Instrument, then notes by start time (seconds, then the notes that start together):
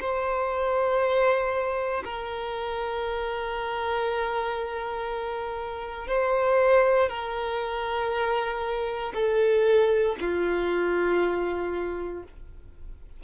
violin
0.00 C5
2.04 A#4
6.07 C5
7.09 A#4
9.14 A4
10.20 F4